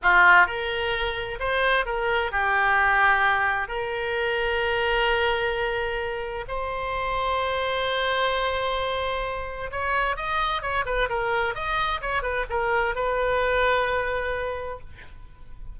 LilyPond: \new Staff \with { instrumentName = "oboe" } { \time 4/4 \tempo 4 = 130 f'4 ais'2 c''4 | ais'4 g'2. | ais'1~ | ais'2 c''2~ |
c''1~ | c''4 cis''4 dis''4 cis''8 b'8 | ais'4 dis''4 cis''8 b'8 ais'4 | b'1 | }